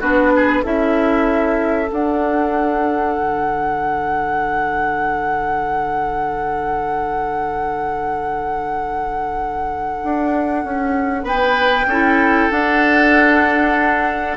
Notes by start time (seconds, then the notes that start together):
0.00 B3 D4 F#4 B4
0.36 G#4
0.63 C#4 E4 A4 E5
1.86 D4 F#5
3.17 D3
10.03 D4
10.64 C#4
11.23 B3 B4 G5
11.86 C#4 E4 A4
12.50 D4 F#5